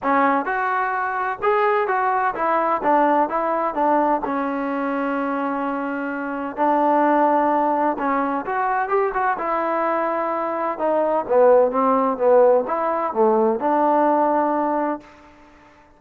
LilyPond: \new Staff \with { instrumentName = "trombone" } { \time 4/4 \tempo 4 = 128 cis'4 fis'2 gis'4 | fis'4 e'4 d'4 e'4 | d'4 cis'2.~ | cis'2 d'2~ |
d'4 cis'4 fis'4 g'8 fis'8 | e'2. dis'4 | b4 c'4 b4 e'4 | a4 d'2. | }